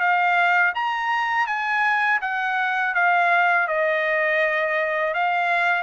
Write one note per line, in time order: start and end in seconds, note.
0.00 0.73 F5
0.75 1.47 A#5
1.47 2.20 G#5
2.22 2.94 F#5
2.94 3.68 F5
3.68 5.14 D#5
5.14 5.83 F5